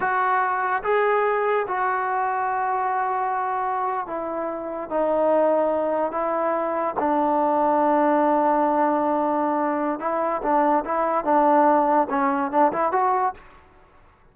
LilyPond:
\new Staff \with { instrumentName = "trombone" } { \time 4/4 \tempo 4 = 144 fis'2 gis'2 | fis'1~ | fis'4.~ fis'16 e'2 dis'16~ | dis'2~ dis'8. e'4~ e'16~ |
e'8. d'2.~ d'16~ | d'1 | e'4 d'4 e'4 d'4~ | d'4 cis'4 d'8 e'8 fis'4 | }